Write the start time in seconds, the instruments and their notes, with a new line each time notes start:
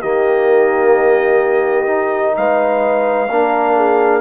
0.00 bassoon D#3, trombone A#3, horn G4, trumpet D#5
1.86 trombone D#4
2.36 bassoon G#3, horn B4, trumpet F5
3.29 bassoon A#3, trombone D4, horn A#4
3.76 horn G#4